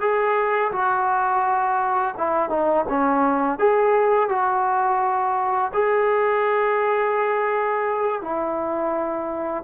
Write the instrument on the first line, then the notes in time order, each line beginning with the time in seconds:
trombone
0.00 G#4
0.72 F#4
2.17 E4
2.49 D#4
2.89 C#4
3.59 G#4
4.28 F#4
5.73 G#4
8.21 E4